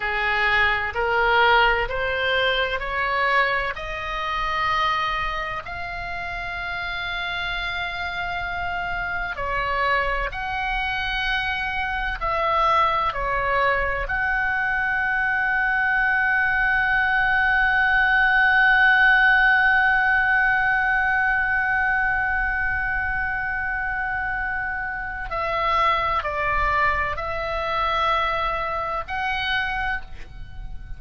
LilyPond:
\new Staff \with { instrumentName = "oboe" } { \time 4/4 \tempo 4 = 64 gis'4 ais'4 c''4 cis''4 | dis''2 f''2~ | f''2 cis''4 fis''4~ | fis''4 e''4 cis''4 fis''4~ |
fis''1~ | fis''1~ | fis''2. e''4 | d''4 e''2 fis''4 | }